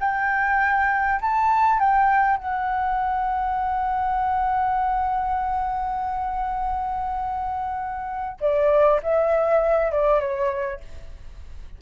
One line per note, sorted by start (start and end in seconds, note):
0.00 1.20 G5
1.21 1.79 A5
1.79 2.37 G5
2.37 8.37 F#5
8.40 9.00 D5
9.02 9.91 E5
9.91 10.20 D5
10.20 10.80 C#5